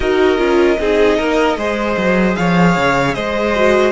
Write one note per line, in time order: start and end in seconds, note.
0.00 0.37 D#4
0.00 0.37 F#4
0.00 0.79 A#4
0.00 2.35 D#5
0.37 0.77 C#4
0.37 0.77 F4
0.79 1.18 C4
0.79 1.57 D#4
0.79 1.17 G#4
1.17 1.56 A#3
1.17 1.57 A#4
1.56 1.96 G#3
1.56 3.54 G#4
1.56 2.37 C5
1.97 2.36 F#3
2.35 2.76 F3
2.35 3.15 C#5
2.35 3.14 F5
2.76 3.15 C#3
3.14 3.92 G#3
3.14 3.92 C5
3.14 3.92 D#5
3.55 3.92 F#4